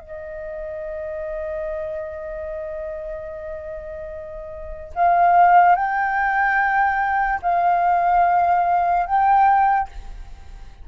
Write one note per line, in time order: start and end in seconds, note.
0.00 4.93 D#5
4.95 5.76 F5
5.76 7.40 G5
7.43 9.06 F5
9.06 9.89 G5